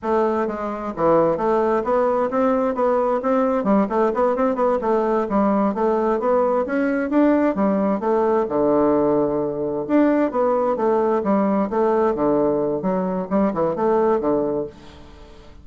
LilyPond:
\new Staff \with { instrumentName = "bassoon" } { \time 4/4 \tempo 4 = 131 a4 gis4 e4 a4 | b4 c'4 b4 c'4 | g8 a8 b8 c'8 b8 a4 g8~ | g8 a4 b4 cis'4 d'8~ |
d'8 g4 a4 d4.~ | d4. d'4 b4 a8~ | a8 g4 a4 d4. | fis4 g8 e8 a4 d4 | }